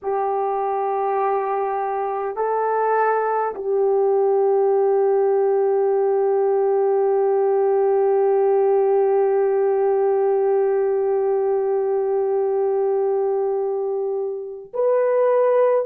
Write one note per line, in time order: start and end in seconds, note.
0.02 2.36 G4
2.36 3.53 A4
3.55 14.72 G4
14.73 15.85 B4